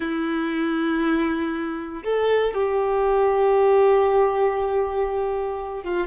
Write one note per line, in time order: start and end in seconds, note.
0.00 2.03 E4
2.03 2.54 A4
2.54 5.83 G4
5.83 6.07 F4